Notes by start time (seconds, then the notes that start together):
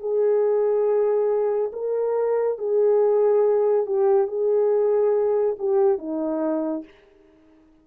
0.00 G#4
1.73 A#4
2.58 G#4
3.86 G4
4.28 G#4
5.59 G4
5.99 D#4